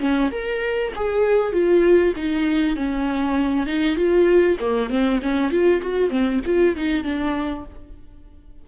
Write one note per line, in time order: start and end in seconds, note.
0.00 0.31 C#4
0.31 0.92 A#4
0.96 1.53 G#4
1.53 2.14 F4
2.16 2.76 D#4
2.76 3.67 C#4
3.67 3.96 D#4
3.96 4.58 F4
4.60 4.90 A#3
4.90 5.20 C4
5.22 5.51 C#4
5.51 5.82 F4
5.82 6.10 F#4
6.10 6.40 C4
6.46 6.76 F4
6.76 7.04 D#4
7.04 7.65 D4